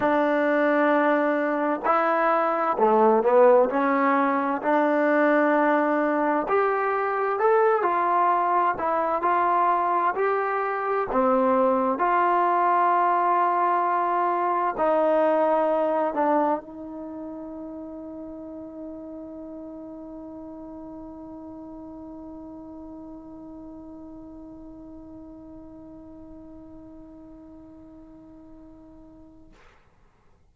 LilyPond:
\new Staff \with { instrumentName = "trombone" } { \time 4/4 \tempo 4 = 65 d'2 e'4 a8 b8 | cis'4 d'2 g'4 | a'8 f'4 e'8 f'4 g'4 | c'4 f'2. |
dis'4. d'8 dis'2~ | dis'1~ | dis'1~ | dis'1 | }